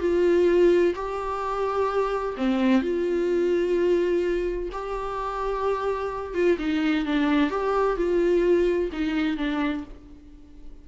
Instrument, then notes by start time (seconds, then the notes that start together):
viola
0.00 F4
0.95 G4
2.37 C4
2.82 F4
4.72 G4
6.34 F4
6.58 D#4
7.05 D4
7.50 G4
7.96 F4
8.92 D#4
9.37 D4